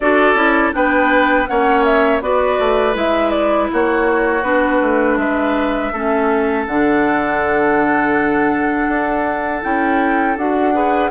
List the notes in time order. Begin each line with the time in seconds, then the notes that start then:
0.00 D4 F#4 A4 D5
0.34 C#4 E4
0.72 B3 D4 B4 G5
1.47 A#3 C#4 C#5 F#5
1.84 E5
2.21 B3 F#4 B4 D5
2.59 A3
2.93 G#3 E4 E5
3.30 D5
3.72 A#3 F#4 C#5
4.43 B3 D4 B4
4.81 A3
5.17 G#3 B4 E5
5.92 A3 C#4 A4
6.66 D3 D4 F#5
8.88 D4
9.62 C#4 E4 G5
10.36 D4 F#4 F#5
10.73 G#4 B4